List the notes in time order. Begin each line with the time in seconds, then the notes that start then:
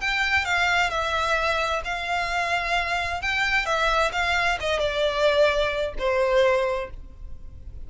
0.00 G5
0.45 F5
0.90 E5
1.84 F5
3.21 G5
3.65 E5
4.12 F5
4.60 D#5
4.79 D5
5.98 C5